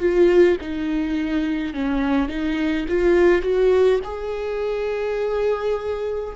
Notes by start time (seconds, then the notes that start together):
0.00 F4
0.61 D#4
1.74 C#4
2.29 D#4
2.88 F4
3.42 F#4
4.04 G#4